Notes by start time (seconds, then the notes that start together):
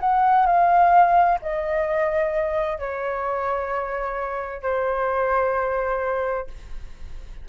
0.00 F#5
0.46 F5
1.42 D#5
2.78 C#5
4.62 C5